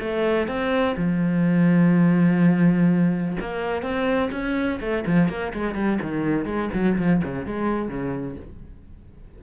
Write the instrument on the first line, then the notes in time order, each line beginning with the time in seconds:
cello
0.00 A3
0.48 C4
0.97 F3
3.40 A#3
3.82 C4
4.32 C#4
4.80 A3
5.06 F3
5.29 A#3
5.54 G#3
5.75 G3
6.02 D#3
6.46 G#3
6.74 F#3
6.98 F3
7.24 C#3
7.46 G#3
7.89 C#3